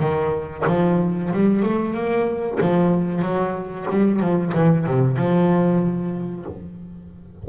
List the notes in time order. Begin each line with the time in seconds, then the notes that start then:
0.00 D#3
0.67 F3
1.33 G3
1.63 A3
1.94 A#3
2.61 F3
3.22 F#3
3.91 G3
4.20 F3
4.55 E3
4.87 C3
5.16 F3